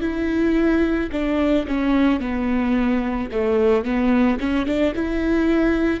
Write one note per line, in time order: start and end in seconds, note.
0.00 1.09 E4
1.12 1.66 D4
1.67 2.20 C#4
2.20 3.29 B3
3.31 3.84 A3
3.84 4.38 B3
4.39 4.66 C#4
4.66 4.93 D4
4.95 6.00 E4